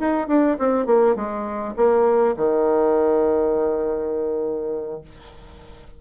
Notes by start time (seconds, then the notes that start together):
0.00 D#4
0.28 D4
0.59 C4
0.87 A#3
1.16 G#3
1.77 A#3
2.37 D#3